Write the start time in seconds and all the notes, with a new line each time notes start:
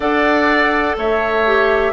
0.00 D4 A4 D5 F#5
0.97 A3 C#5 E5
1.46 G4